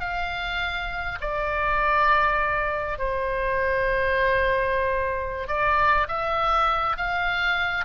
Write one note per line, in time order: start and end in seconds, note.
0.00 1.19 F5
1.21 2.98 D5
2.98 5.48 C5
5.48 6.07 D5
6.08 6.97 E5
6.97 7.85 F5